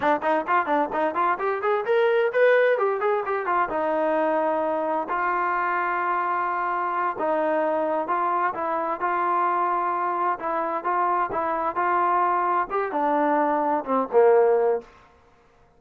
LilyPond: \new Staff \with { instrumentName = "trombone" } { \time 4/4 \tempo 4 = 130 d'8 dis'8 f'8 d'8 dis'8 f'8 g'8 gis'8 | ais'4 b'4 g'8 gis'8 g'8 f'8 | dis'2. f'4~ | f'2.~ f'8 dis'8~ |
dis'4. f'4 e'4 f'8~ | f'2~ f'8 e'4 f'8~ | f'8 e'4 f'2 g'8 | d'2 c'8 ais4. | }